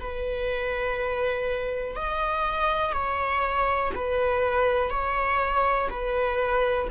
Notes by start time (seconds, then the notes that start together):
0.00 B4
1.96 D#5
2.92 C#5
3.95 B4
4.90 C#5
5.90 B4